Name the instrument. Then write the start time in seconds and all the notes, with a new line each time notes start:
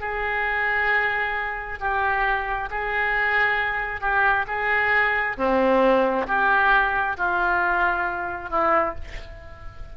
oboe
0.00 G#4
1.80 G4
2.70 G#4
4.01 G4
4.47 G#4
5.37 C4
6.27 G4
7.17 F4
8.50 E4